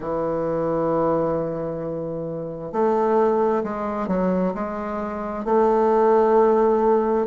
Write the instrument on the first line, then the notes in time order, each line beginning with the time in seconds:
bassoon
0.00 E3
2.72 A3
3.63 G#3
4.07 F#3
4.54 G#3
5.45 A3